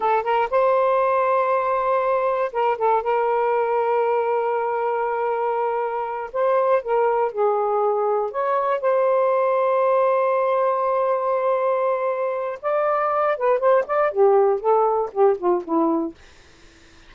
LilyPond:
\new Staff \with { instrumentName = "saxophone" } { \time 4/4 \tempo 4 = 119 a'8 ais'8 c''2.~ | c''4 ais'8 a'8 ais'2~ | ais'1~ | ais'8 c''4 ais'4 gis'4.~ |
gis'8 cis''4 c''2~ c''8~ | c''1~ | c''4 d''4. b'8 c''8 d''8 | g'4 a'4 g'8 f'8 e'4 | }